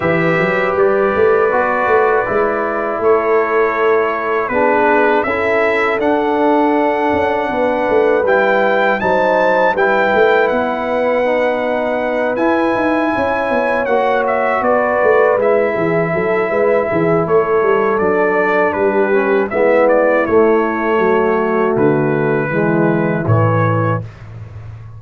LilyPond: <<
  \new Staff \with { instrumentName = "trumpet" } { \time 4/4 \tempo 4 = 80 e''4 d''2. | cis''2 b'4 e''4 | fis''2. g''4 | a''4 g''4 fis''2~ |
fis''8 gis''2 fis''8 e''8 d''8~ | d''8 e''2~ e''8 cis''4 | d''4 b'4 e''8 d''8 cis''4~ | cis''4 b'2 cis''4 | }
  \new Staff \with { instrumentName = "horn" } { \time 4/4 b'1 | a'2 gis'4 a'4~ | a'2 b'2 | c''4 b'2.~ |
b'4. cis''2 b'8~ | b'4 gis'8 a'8 b'8 gis'8 a'4~ | a'4 g'4 e'2 | fis'2 e'2 | }
  \new Staff \with { instrumentName = "trombone" } { \time 4/4 g'2 fis'4 e'4~ | e'2 d'4 e'4 | d'2. e'4 | dis'4 e'2 dis'4~ |
dis'8 e'2 fis'4.~ | fis'8 e'2.~ e'8 | d'4. cis'8 b4 a4~ | a2 gis4 e4 | }
  \new Staff \with { instrumentName = "tuba" } { \time 4/4 e8 fis8 g8 a8 b8 a8 gis4 | a2 b4 cis'4 | d'4. cis'8 b8 a8 g4 | fis4 g8 a8 b2~ |
b8 e'8 dis'8 cis'8 b8 ais4 b8 | a8 gis8 e8 fis8 gis8 e8 a8 g8 | fis4 g4 gis4 a4 | fis4 d4 e4 a,4 | }
>>